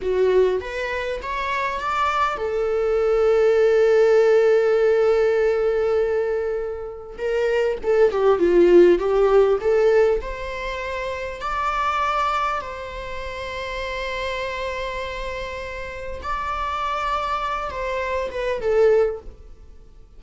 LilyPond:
\new Staff \with { instrumentName = "viola" } { \time 4/4 \tempo 4 = 100 fis'4 b'4 cis''4 d''4 | a'1~ | a'1 | ais'4 a'8 g'8 f'4 g'4 |
a'4 c''2 d''4~ | d''4 c''2.~ | c''2. d''4~ | d''4. c''4 b'8 a'4 | }